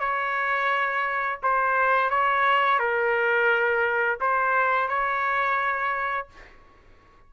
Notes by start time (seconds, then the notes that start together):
0.00 C#5
1.43 C5
2.10 C#5
2.79 A#4
4.21 C5
4.88 C#5